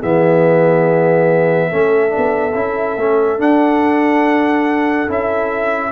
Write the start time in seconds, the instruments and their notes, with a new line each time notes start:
0.00 tuba E3, trombone B3, horn G#4, trumpet E5
1.69 tuba A3, trombone C#4, horn A4
2.09 trombone D4
2.17 tuba B3
2.55 tuba C#4, trombone E4
2.97 tuba A3, trombone C#4
3.39 trombone D4, tuba D4, trumpet F#5
5.08 tuba C#4, trombone E4, trumpet E5